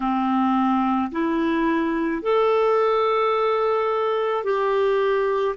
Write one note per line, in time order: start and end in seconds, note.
0.00 1.11 C4
1.11 2.22 E4
2.22 4.44 A4
4.44 5.55 G4